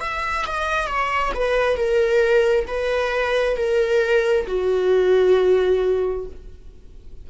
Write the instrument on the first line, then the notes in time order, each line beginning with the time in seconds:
viola
0.00 E5
0.46 D#5
0.87 C#5
1.34 B4
1.76 A#4
2.67 B4
3.57 A#4
4.47 F#4